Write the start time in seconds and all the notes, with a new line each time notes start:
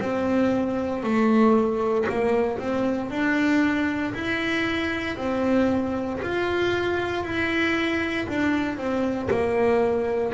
0.00 C4
1.03 A3
2.09 A#3
2.59 C4
3.10 D4
4.14 E4
5.17 C4
6.23 F4
7.24 E4
8.29 D4
8.77 C4
9.31 A#3